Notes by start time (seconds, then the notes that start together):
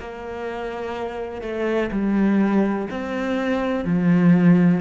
0.00 A#3
1.42 A3
1.92 G3
2.90 C4
3.85 F3